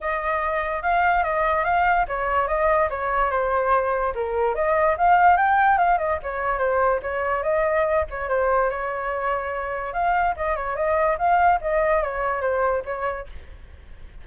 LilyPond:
\new Staff \with { instrumentName = "flute" } { \time 4/4 \tempo 4 = 145 dis''2 f''4 dis''4 | f''4 cis''4 dis''4 cis''4 | c''2 ais'4 dis''4 | f''4 g''4 f''8 dis''8 cis''4 |
c''4 cis''4 dis''4. cis''8 | c''4 cis''2. | f''4 dis''8 cis''8 dis''4 f''4 | dis''4 cis''4 c''4 cis''4 | }